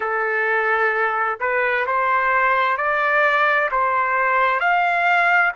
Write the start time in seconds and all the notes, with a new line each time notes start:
0.00 A4
1.40 B4
1.86 C5
2.77 D5
3.71 C5
4.59 F5